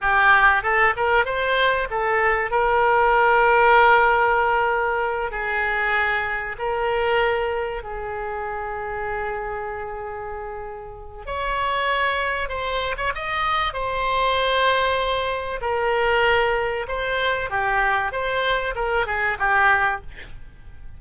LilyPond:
\new Staff \with { instrumentName = "oboe" } { \time 4/4 \tempo 4 = 96 g'4 a'8 ais'8 c''4 a'4 | ais'1~ | ais'8 gis'2 ais'4.~ | ais'8 gis'2.~ gis'8~ |
gis'2 cis''2 | c''8. cis''16 dis''4 c''2~ | c''4 ais'2 c''4 | g'4 c''4 ais'8 gis'8 g'4 | }